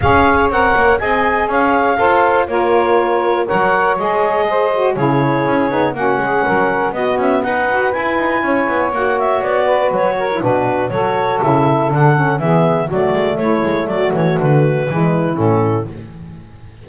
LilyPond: <<
  \new Staff \with { instrumentName = "clarinet" } { \time 4/4 \tempo 4 = 121 f''4 fis''4 gis''4 f''4~ | f''4 cis''2 fis''4 | dis''2 cis''2 | fis''2 dis''8 e''8 fis''4 |
gis''2 fis''8 e''8 d''4 | cis''4 b'4 cis''4 e''4 | fis''4 e''4 d''4 cis''4 | d''8 cis''8 b'2 a'4 | }
  \new Staff \with { instrumentName = "saxophone" } { \time 4/4 cis''2 dis''4 cis''4 | c''4 ais'2 cis''4~ | cis''4 c''4 gis'2 | fis'8 gis'8 ais'4 fis'4 b'4~ |
b'4 cis''2~ cis''8 b'8~ | b'8 ais'8 fis'4 a'2~ | a'4 gis'4 fis'4 e'4 | fis'2 e'2 | }
  \new Staff \with { instrumentName = "saxophone" } { \time 4/4 gis'4 ais'4 gis'2 | a'4 f'2 ais'4 | gis'4. fis'8 e'4. dis'8 | cis'2 b4. fis'8 |
e'2 fis'2~ | fis'8. e'16 d'4 fis'4 e'4 | d'8 cis'8 b4 a2~ | a2 gis4 cis'4 | }
  \new Staff \with { instrumentName = "double bass" } { \time 4/4 cis'4 c'8 ais8 c'4 cis'4 | f'4 ais2 fis4 | gis2 cis4 cis'8 b8 | ais8 gis8 fis4 b8 cis'8 dis'4 |
e'8 dis'8 cis'8 b8 ais4 b4 | fis4 b,4 fis4 cis4 | d4 e4 fis8 gis8 a8 gis8 | fis8 e8 d4 e4 a,4 | }
>>